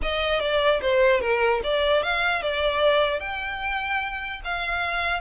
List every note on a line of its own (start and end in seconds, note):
0.02 0.40 D#5
0.40 0.80 D5
0.81 1.20 C5
1.20 1.61 A#4
1.63 2.02 D5
2.02 2.42 F5
2.42 3.20 D5
3.20 4.41 G5
4.44 5.21 F5